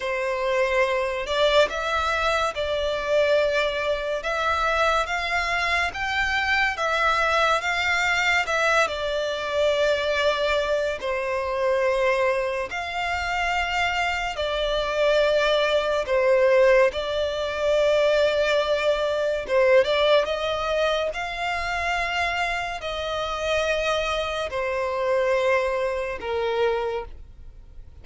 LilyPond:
\new Staff \with { instrumentName = "violin" } { \time 4/4 \tempo 4 = 71 c''4. d''8 e''4 d''4~ | d''4 e''4 f''4 g''4 | e''4 f''4 e''8 d''4.~ | d''4 c''2 f''4~ |
f''4 d''2 c''4 | d''2. c''8 d''8 | dis''4 f''2 dis''4~ | dis''4 c''2 ais'4 | }